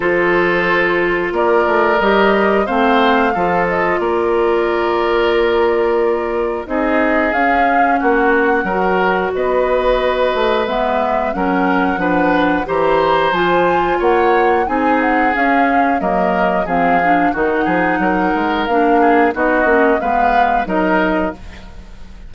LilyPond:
<<
  \new Staff \with { instrumentName = "flute" } { \time 4/4 \tempo 4 = 90 c''2 d''4 dis''4 | f''4. dis''8 d''2~ | d''2 dis''4 f''4 | fis''2 dis''2 |
e''4 fis''2 ais''4 | gis''4 fis''4 gis''8 fis''8 f''4 | dis''4 f''4 fis''2 | f''4 dis''4 f''4 dis''4 | }
  \new Staff \with { instrumentName = "oboe" } { \time 4/4 a'2 ais'2 | c''4 a'4 ais'2~ | ais'2 gis'2 | fis'4 ais'4 b'2~ |
b'4 ais'4 b'4 c''4~ | c''4 cis''4 gis'2 | ais'4 gis'4 fis'8 gis'8 ais'4~ | ais'8 gis'8 fis'4 b'4 ais'4 | }
  \new Staff \with { instrumentName = "clarinet" } { \time 4/4 f'2. g'4 | c'4 f'2.~ | f'2 dis'4 cis'4~ | cis'4 fis'2. |
b4 cis'4 d'4 g'4 | f'2 dis'4 cis'4 | ais4 c'8 d'8 dis'2 | d'4 dis'8 cis'8 b4 dis'4 | }
  \new Staff \with { instrumentName = "bassoon" } { \time 4/4 f2 ais8 a8 g4 | a4 f4 ais2~ | ais2 c'4 cis'4 | ais4 fis4 b4. a8 |
gis4 fis4 f4 e4 | f4 ais4 c'4 cis'4 | fis4 f4 dis8 f8 fis8 gis8 | ais4 b8 ais8 gis4 fis4 | }
>>